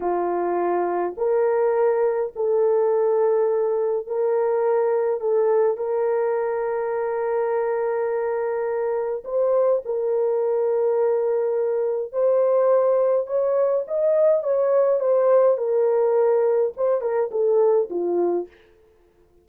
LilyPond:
\new Staff \with { instrumentName = "horn" } { \time 4/4 \tempo 4 = 104 f'2 ais'2 | a'2. ais'4~ | ais'4 a'4 ais'2~ | ais'1 |
c''4 ais'2.~ | ais'4 c''2 cis''4 | dis''4 cis''4 c''4 ais'4~ | ais'4 c''8 ais'8 a'4 f'4 | }